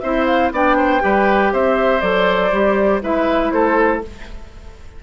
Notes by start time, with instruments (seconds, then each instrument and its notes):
0.00 bassoon C4, clarinet E4, oboe C5, flute E5
0.26 flute F5
0.51 bassoon B3, clarinet D4, oboe D5, flute G5
0.77 oboe C5
1.00 bassoon G3, clarinet G4, oboe B4
1.52 bassoon C4, oboe C5, flute E5
2.01 bassoon F#3, clarinet A4, flute D5
2.51 bassoon G3, clarinet G4
3.02 bassoon G#3, clarinet E4, oboe B4, flute E5
3.51 bassoon A3, oboe A4, flute C5